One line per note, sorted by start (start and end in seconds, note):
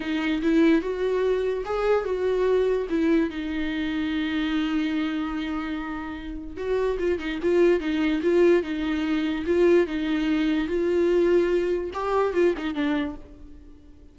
0.00 0.41 D#4
0.42 0.81 E4
0.81 1.63 F#4
1.65 2.05 G#4
2.05 2.87 F#4
2.89 3.30 E4
3.30 6.56 D#4
6.56 6.97 F#4
6.98 7.18 F4
7.18 7.39 D#4
7.42 7.80 F4
7.80 8.21 D#4
8.22 8.62 F4
8.62 9.44 D#4
9.46 9.86 F4
9.86 10.67 D#4
10.67 11.90 F4
11.93 12.33 G4
12.33 12.54 F4
12.57 12.74 D#4
12.74 13.15 D4